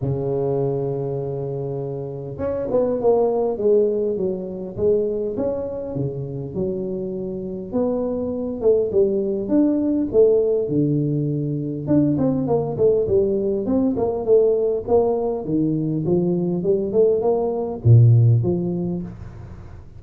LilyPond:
\new Staff \with { instrumentName = "tuba" } { \time 4/4 \tempo 4 = 101 cis1 | cis'8 b8 ais4 gis4 fis4 | gis4 cis'4 cis4 fis4~ | fis4 b4. a8 g4 |
d'4 a4 d2 | d'8 c'8 ais8 a8 g4 c'8 ais8 | a4 ais4 dis4 f4 | g8 a8 ais4 ais,4 f4 | }